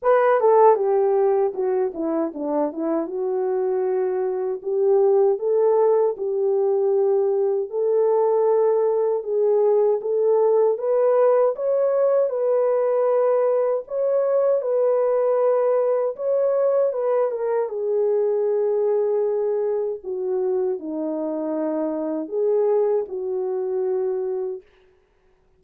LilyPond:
\new Staff \with { instrumentName = "horn" } { \time 4/4 \tempo 4 = 78 b'8 a'8 g'4 fis'8 e'8 d'8 e'8 | fis'2 g'4 a'4 | g'2 a'2 | gis'4 a'4 b'4 cis''4 |
b'2 cis''4 b'4~ | b'4 cis''4 b'8 ais'8 gis'4~ | gis'2 fis'4 dis'4~ | dis'4 gis'4 fis'2 | }